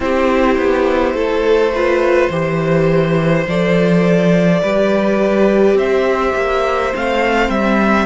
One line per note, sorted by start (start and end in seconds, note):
0.00 0.57 C4
0.00 1.71 E4
0.00 1.14 G4
0.00 3.47 C5
0.57 1.13 B3
1.13 2.29 A3
1.13 1.72 A4
1.74 2.31 F4
1.74 2.29 B4
2.29 3.45 E3
2.29 3.46 G4
2.29 4.60 C5
3.47 4.62 F3
3.47 4.63 A4
3.47 5.78 D5
4.62 5.74 G3
4.62 6.92 G4
4.62 5.77 B4
5.74 6.31 C4
5.74 8.06 C5
5.74 6.94 E5
6.35 6.93 A#3
6.92 7.49 A3
6.92 8.06 C4
6.92 7.50 F5
7.49 8.06 G3
7.49 8.06 E5